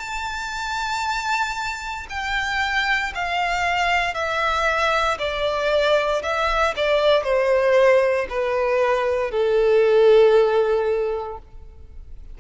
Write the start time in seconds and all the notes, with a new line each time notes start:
0.00 A5
2.10 G5
3.15 F5
4.15 E5
5.19 D5
6.23 E5
6.77 D5
7.24 C5
8.30 B4
9.32 A4